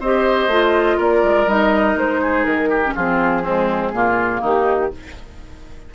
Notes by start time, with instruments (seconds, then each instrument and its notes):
0.00 bassoon C4, clarinet G4, oboe C5, flute D#5
0.48 bassoon A3, clarinet F4
0.98 bassoon A#3, oboe A#4, flute D5
1.24 bassoon G#3
1.47 bassoon G3, clarinet D#4, flute D#5
1.96 bassoon G#3, flute C5
2.22 oboe G#4
2.45 bassoon D#3, flute A#4
2.70 oboe G4
2.85 clarinet C#4
2.96 bassoon F3, clarinet C4, oboe F4, flute G#4
3.43 clarinet G#3, oboe C4
3.93 bassoon A#2, clarinet A#3, oboe F4
4.41 bassoon D#3, oboe D#4, flute G4